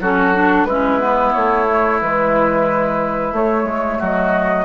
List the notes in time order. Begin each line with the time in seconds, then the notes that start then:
0.00 F#3 C#4 F#4 A4
0.34 D4
0.65 G#3 C#4 E4 B4
1.00 B3
1.33 A3 C#5
1.68 A3
2.01 E3 G#3 B4
3.32 A3 C#5
3.64 G#3
3.98 F#3 F#4 D#5